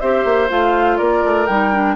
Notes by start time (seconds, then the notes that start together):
0.00 C4 G4 C5 E5
0.24 A#3
0.48 A3 F4 F5
0.97 A#3 A#4 D5
1.24 A3
1.46 G3 D#4 G5
1.73 D4